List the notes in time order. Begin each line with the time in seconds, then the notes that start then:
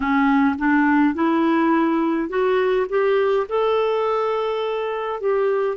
0.00 C#4
0.58 D4
1.14 E4
2.29 F#4
2.88 G4
3.48 A4
5.20 G4